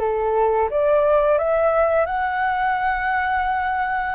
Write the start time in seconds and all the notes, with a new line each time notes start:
0.00 A4
0.70 D5
1.39 E5
2.06 F#5